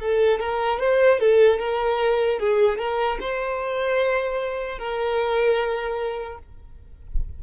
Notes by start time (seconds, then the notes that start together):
0.00 A4
0.40 A#4
0.80 C5
1.19 A4
1.59 A#4
2.39 G#4
2.78 A#4
3.20 C5
4.78 A#4